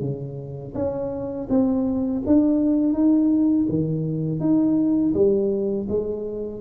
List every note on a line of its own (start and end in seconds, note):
0.00 0.73 C#3
0.75 1.48 C#4
1.49 2.22 C4
2.26 2.93 D4
2.93 3.66 D#4
3.69 4.40 D#3
4.40 5.13 D#4
5.14 5.87 G3
5.89 6.61 G#3